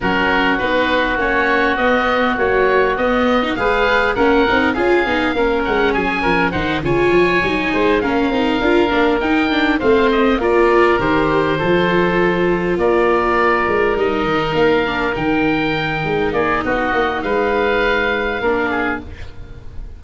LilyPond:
<<
  \new Staff \with { instrumentName = "oboe" } { \time 4/4 \tempo 4 = 101 ais'4 b'4 cis''4 dis''4 | cis''4 dis''4 f''4 fis''4 | f''4. fis''8 gis''4 fis''8 gis''8~ | gis''4. f''2 g''8~ |
g''8 f''8 dis''8 d''4 c''4.~ | c''4. d''2 dis''8~ | dis''8 f''4 g''2 d''8 | dis''4 f''2. | }
  \new Staff \with { instrumentName = "oboe" } { \time 4/4 fis'1~ | fis'2 b'4 ais'4 | gis'4 ais'4 gis'8 ais'8 c''8 cis''8~ | cis''4 c''8 ais'2~ ais'8~ |
ais'8 c''4 ais'2 a'8~ | a'4. ais'2~ ais'8~ | ais'2.~ ais'8 gis'8 | fis'4 b'2 ais'8 gis'8 | }
  \new Staff \with { instrumentName = "viola" } { \time 4/4 cis'4 dis'4 cis'4 b4 | fis4 b8. dis'16 gis'4 cis'8 dis'8 | f'8 dis'8 cis'2 dis'8 f'8~ | f'8 dis'4 cis'8 dis'8 f'8 d'8 dis'8 |
d'8 c'4 f'4 g'4 f'8~ | f'2.~ f'8 dis'8~ | dis'4 d'8 dis'2~ dis'8~ | dis'2. d'4 | }
  \new Staff \with { instrumentName = "tuba" } { \time 4/4 fis4 b4 ais4 b4 | ais4 b4 gis4 ais8 c'8 | cis'8 b8 ais8 gis8 fis8 f8 dis8 cis8 | f8 fis8 gis8 ais8 c'8 d'8 ais8 dis'8~ |
dis'8 a4 ais4 dis4 f8~ | f4. ais4. gis8 g8 | dis8 ais4 dis4. gis8 ais8 | b8 ais8 gis2 ais4 | }
>>